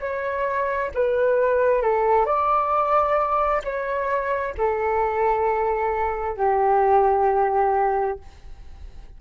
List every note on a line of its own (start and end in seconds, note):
0.00 0.91 C#5
0.95 1.82 B4
1.82 2.26 A4
2.26 3.62 D5
3.64 4.55 C#5
4.57 6.37 A4
6.37 8.19 G4